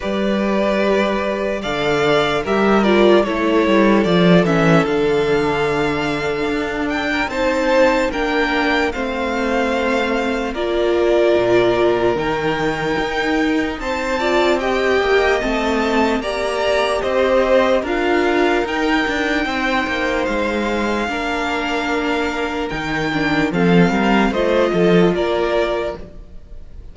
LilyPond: <<
  \new Staff \with { instrumentName = "violin" } { \time 4/4 \tempo 4 = 74 d''2 f''4 e''8 d''8 | cis''4 d''8 e''8 f''2~ | f''8 g''8 a''4 g''4 f''4~ | f''4 d''2 g''4~ |
g''4 a''4 g''4 a''4 | ais''4 dis''4 f''4 g''4~ | g''4 f''2. | g''4 f''4 dis''4 d''4 | }
  \new Staff \with { instrumentName = "violin" } { \time 4/4 b'2 d''4 ais'4 | a'1~ | a'8. ais'16 c''4 ais'4 c''4~ | c''4 ais'2.~ |
ais'4 c''8 d''8 dis''2 | d''4 c''4 ais'2 | c''2 ais'2~ | ais'4 a'8 ais'8 c''8 a'8 ais'4 | }
  \new Staff \with { instrumentName = "viola" } { \time 4/4 g'2 a'4 g'8 f'8 | e'4 f'8 cis'8 d'2~ | d'4 dis'4 d'4 c'4~ | c'4 f'2 dis'4~ |
dis'4. f'8 g'4 c'4 | g'2 f'4 dis'4~ | dis'2 d'2 | dis'8 d'8 c'4 f'2 | }
  \new Staff \with { instrumentName = "cello" } { \time 4/4 g2 d4 g4 | a8 g8 f8 e8 d2 | d'4 c'4 ais4 a4~ | a4 ais4 ais,4 dis4 |
dis'4 c'4. ais8 a4 | ais4 c'4 d'4 dis'8 d'8 | c'8 ais8 gis4 ais2 | dis4 f8 g8 a8 f8 ais4 | }
>>